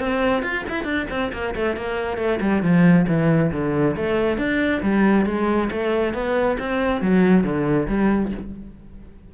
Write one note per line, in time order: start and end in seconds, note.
0.00 0.43 C4
0.43 0.65 F4
0.69 0.85 E4
0.85 1.07 D4
1.10 1.32 C4
1.33 1.55 A#3
1.55 1.77 A3
1.77 2.18 A#3
2.18 2.39 A3
2.41 2.63 G3
2.63 3.07 F3
3.08 3.52 E3
3.52 3.96 D3
3.97 4.38 A3
4.38 4.82 D4
4.82 5.26 G3
5.26 5.70 G#3
5.71 6.14 A3
6.14 6.58 B3
6.59 7.02 C4
7.02 7.44 F#3
7.44 7.88 D3
7.88 8.32 G3